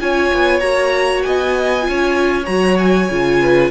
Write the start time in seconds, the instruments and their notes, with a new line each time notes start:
0.00 cello C#4, viola F4, violin C#5 G#5
0.33 cello B3
0.60 cello A#3, viola F#4, violin A#5
1.22 cello B3, violin D#5 G#5
1.81 viola F4
1.88 cello C#4, violin C#5
2.45 cello F#3, viola F#4, violin A#5
2.78 violin G#5
3.09 cello C#3, viola F4
3.41 violin B4